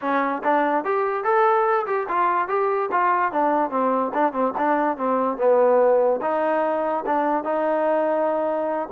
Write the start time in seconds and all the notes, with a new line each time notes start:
0.01 C#4
0.43 D4
0.84 G4
1.23 A4
1.86 G4
2.08 F4
2.48 G4
2.91 F4
3.32 D4
3.70 C4
4.14 D4
4.32 C4
4.57 D4
4.97 C4
5.37 B3
6.21 D#4
7.06 D4
7.44 D#4